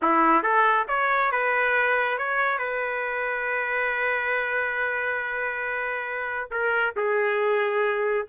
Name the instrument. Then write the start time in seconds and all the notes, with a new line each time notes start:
trumpet
0.02 E4
0.42 A4
0.88 C#5
1.31 B4
2.17 C#5
2.58 B4
6.50 A#4
6.96 G#4